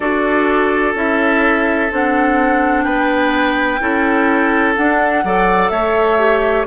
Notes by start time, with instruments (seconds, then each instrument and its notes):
0.00 bassoon D4, clarinet F#4, oboe A4, flute D5
0.94 bassoon C#4, clarinet E4, flute E5
1.91 bassoon C4, clarinet D4, flute F#5
2.83 bassoon B3, oboe B4, flute G5
3.80 bassoon C#4, clarinet E4, oboe A4
4.76 clarinet D4, bassoon D4, flute F#5
5.24 bassoon F#3, clarinet A4, oboe D5
5.69 bassoon A3, oboe C#5, flute E5
6.18 clarinet G4